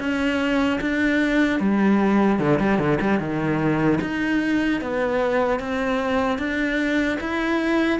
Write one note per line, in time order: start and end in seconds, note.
0.00 0.80 C#4
0.81 1.60 D4
1.60 2.39 G3
2.39 2.59 D3
2.60 2.79 G3
2.79 2.99 D3
3.01 3.20 G3
3.20 4.00 D#3
4.02 4.82 D#4
4.82 5.60 B3
5.60 6.39 C4
6.39 7.19 D4
7.21 8.00 E4